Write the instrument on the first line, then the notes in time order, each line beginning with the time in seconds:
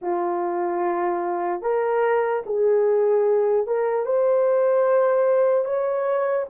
horn
0.01 F4
1.61 A#4
2.46 G#4
3.66 A#4
4.05 C5
5.64 C#5